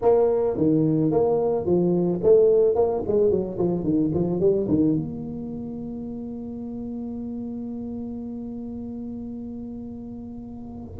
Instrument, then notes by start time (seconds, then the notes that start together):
tuba
0.01 A#3
0.57 D#3
1.11 A#3
1.65 F3
2.23 A3
2.75 A#3
3.07 G#3
3.30 F#3
3.58 F3
3.83 D#3
4.14 F3
4.39 G3
4.68 D#3
4.95 A#3